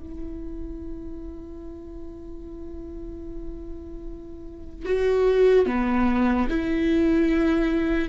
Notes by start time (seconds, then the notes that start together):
0.00 E4
4.86 F#4
5.66 B3
6.50 E4